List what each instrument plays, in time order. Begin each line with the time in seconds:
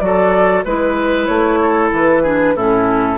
0.00 bassoon F#3, clarinet F#4, oboe A4, flute D5
0.64 bassoon G#3, clarinet E4, oboe B4, flute B4
1.26 bassoon A3, flute C#5
1.62 oboe A4
1.92 bassoon E3, flute B4
2.23 clarinet D4, oboe G#4
2.56 bassoon A2, clarinet C#4, oboe E4, flute A4